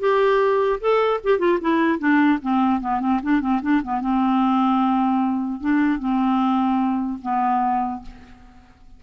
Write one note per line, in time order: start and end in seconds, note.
0.00 0.80 G4
0.81 1.21 A4
1.24 1.39 G4
1.39 1.59 F4
1.61 1.99 E4
1.99 2.39 D4
2.43 2.81 C4
2.81 3.01 B3
3.01 3.21 C4
3.23 3.41 D4
3.41 3.61 C4
3.63 3.83 D4
3.84 4.01 B3
4.01 5.61 C4
5.61 6.00 D4
6.00 7.20 C4
7.23 8.03 B3